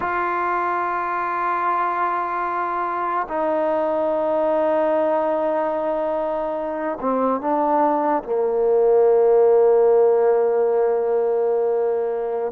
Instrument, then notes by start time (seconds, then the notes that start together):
trombone
0.00 F4
3.28 D#4
7.00 C4
7.40 D4
8.23 A#3